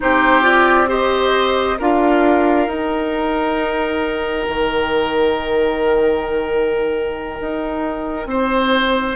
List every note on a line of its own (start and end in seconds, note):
0.00 1.80 C4
0.00 0.42 D#4
0.00 0.88 G4
0.00 0.44 C5
0.42 0.86 F4
0.42 0.89 D5
0.87 1.77 G4
0.87 1.78 C5
0.87 1.80 D#5
1.78 2.67 D4
1.78 2.67 F4
1.78 8.27 A#4
1.78 2.70 F5
2.67 4.46 D#4
2.67 9.15 D#4
2.67 9.15 G5
4.48 7.39 D#3
7.40 8.26 D#4
8.26 9.15 C4
8.26 9.15 C5